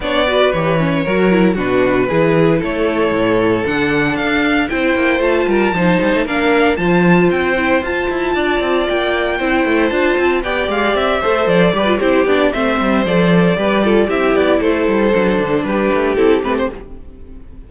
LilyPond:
<<
  \new Staff \with { instrumentName = "violin" } { \time 4/4 \tempo 4 = 115 d''4 cis''2 b'4~ | b'4 cis''2 fis''4 | f''4 g''4 a''2 | f''4 a''4 g''4 a''4~ |
a''4 g''2 a''4 | g''8 f''8 e''4 d''4 c''8 d''8 | e''4 d''2 e''8 d''8 | c''2 b'4 a'8 b'16 c''16 | }
  \new Staff \with { instrumentName = "violin" } { \time 4/4 cis''8 b'4. ais'4 fis'4 | gis'4 a'2.~ | a'4 c''4. ais'8 c''4 | ais'4 c''2. |
d''2 c''2 | d''4. c''4 b'8 g'4 | c''2 b'8 a'8 g'4 | a'2 g'2 | }
  \new Staff \with { instrumentName = "viola" } { \time 4/4 d'8 fis'8 g'8 cis'8 fis'8 e'8 d'4 | e'2. d'4~ | d'4 e'4 f'4 dis'4 | d'4 f'4. e'8 f'4~ |
f'2 e'4 f'4 | g'4. a'4 g'16 f'16 e'8 d'8 | c'4 a'4 g'8 f'8 e'4~ | e'4 d'2 e'8 c'8 | }
  \new Staff \with { instrumentName = "cello" } { \time 4/4 b4 e4 fis4 b,4 | e4 a4 a,4 d4 | d'4 c'8 ais8 a8 g8 f8 g16 a16 | ais4 f4 c'4 f'8 e'8 |
d'8 c'8 ais4 c'8 a8 d'8 c'8 | b8 gis8 c'8 a8 f8 g8 c'8 b8 | a8 g8 f4 g4 c'8 b8 | a8 g8 fis8 d8 g8 a8 c'8 a8 | }
>>